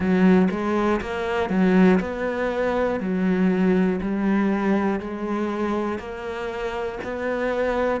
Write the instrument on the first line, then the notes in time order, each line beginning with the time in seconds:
cello
0.00 F#3
0.50 G#3
1.01 A#3
1.50 F#3
2.00 B3
3.00 F#3
4.01 G3
5.00 G#3
5.99 A#3
7.03 B3